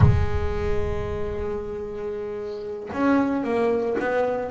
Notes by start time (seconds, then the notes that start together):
0.00 G#3
2.92 C#4
3.43 A#3
3.99 B3